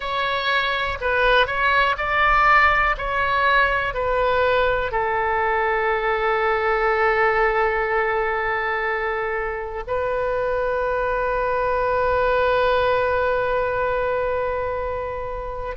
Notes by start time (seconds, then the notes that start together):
0.00 C#5
1.00 B4
1.46 C#5
1.97 D5
2.97 C#5
3.93 B4
4.91 A4
9.87 B4